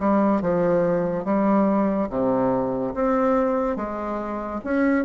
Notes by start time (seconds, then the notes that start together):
0.00 G3
0.42 F3
1.25 G3
2.10 C3
2.95 C4
3.77 G#3
4.65 C#4